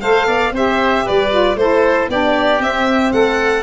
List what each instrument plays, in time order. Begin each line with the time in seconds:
0.00 tuba A3, saxophone A4, oboe C5, violin F5
0.27 tuba B3, oboe D5
0.52 tuba C4, saxophone G4, oboe C5, violin E5
1.05 tuba G3, oboe B4, violin D5
1.30 saxophone F4
1.55 tuba A3, saxophone E4, oboe A4, violin C5
2.09 tuba B3, saxophone D4, oboe G4, violin D5
2.59 tuba C4, saxophone C4, violin E5
3.12 tuba A3, oboe A4, violin F#5